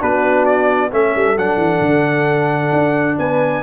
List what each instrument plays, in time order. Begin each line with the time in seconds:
0.00 tuba B3, trombone D4, horn F#4, trumpet B4
0.46 trumpet D5
0.92 tuba A3, trombone C#4, horn A4, trumpet E5
1.16 tuba G3
1.37 tuba F#3, trombone D4, trumpet F#5
1.57 tuba E3
1.81 tuba D3
2.73 tuba D4
3.19 tuba B3, horn B4, trumpet G#5